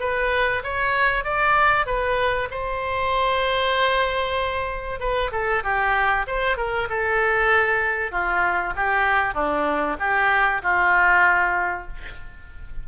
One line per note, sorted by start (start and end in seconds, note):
0.00 0.62 B4
0.64 1.24 C#5
1.24 1.86 D5
1.86 2.49 B4
2.51 5.00 C5
5.00 5.31 B4
5.32 5.63 A4
5.64 6.26 G4
6.27 6.57 C5
6.57 6.88 A#4
6.89 8.12 A4
8.12 8.74 F4
8.76 9.34 G4
9.34 9.97 D4
9.99 10.62 G4
10.62 11.88 F4